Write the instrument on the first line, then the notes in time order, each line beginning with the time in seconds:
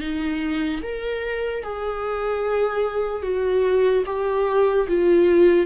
viola
0.00 D#4
0.83 A#4
1.63 G#4
3.22 F#4
4.06 G4
4.88 F4